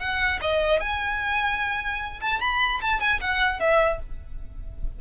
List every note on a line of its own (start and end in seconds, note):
0.00 0.40 F#5
0.42 0.81 D#5
0.81 2.21 G#5
2.21 2.41 A5
2.41 2.81 B5
2.82 3.01 A5
3.01 3.21 G#5
3.21 3.60 F#5
3.60 4.00 E5